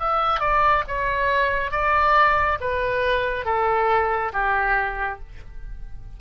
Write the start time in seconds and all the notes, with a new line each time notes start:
0.00 E5
0.40 D5
0.88 C#5
1.72 D5
2.61 B4
3.45 A4
4.33 G4